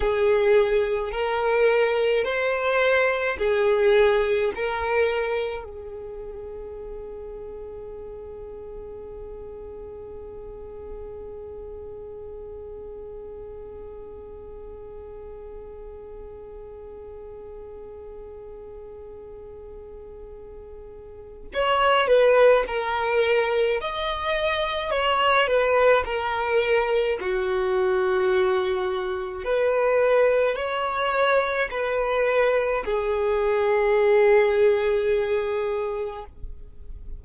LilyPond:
\new Staff \with { instrumentName = "violin" } { \time 4/4 \tempo 4 = 53 gis'4 ais'4 c''4 gis'4 | ais'4 gis'2.~ | gis'1~ | gis'1~ |
gis'2. cis''8 b'8 | ais'4 dis''4 cis''8 b'8 ais'4 | fis'2 b'4 cis''4 | b'4 gis'2. | }